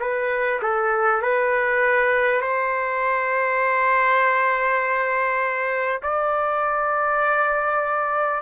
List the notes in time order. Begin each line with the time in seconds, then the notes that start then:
0.00 B4
0.62 A4
1.22 B4
2.41 C5
6.02 D5